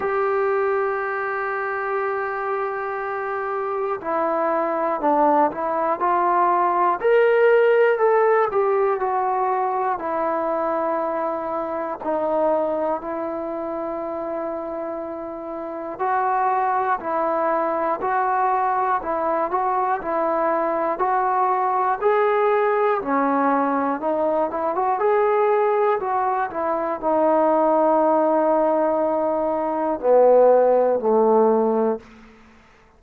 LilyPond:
\new Staff \with { instrumentName = "trombone" } { \time 4/4 \tempo 4 = 60 g'1 | e'4 d'8 e'8 f'4 ais'4 | a'8 g'8 fis'4 e'2 | dis'4 e'2. |
fis'4 e'4 fis'4 e'8 fis'8 | e'4 fis'4 gis'4 cis'4 | dis'8 e'16 fis'16 gis'4 fis'8 e'8 dis'4~ | dis'2 b4 a4 | }